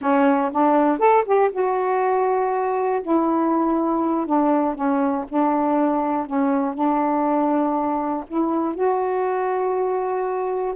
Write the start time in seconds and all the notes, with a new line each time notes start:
0.01 C#4
0.52 D4
0.98 A4
1.25 G4
1.52 F#4
3.02 E4
4.26 D4
4.75 C#4
5.28 D4
6.26 C#4
6.74 D4
8.27 E4
8.74 F#4